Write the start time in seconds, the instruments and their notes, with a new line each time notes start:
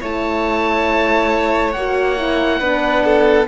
0.00 cello A3, horn E4, violin C#5, oboe A5
1.72 cello A#3, horn F#4, oboe F#5
2.17 horn E4
2.59 cello B3, horn D4, violin B4
3.04 violin A4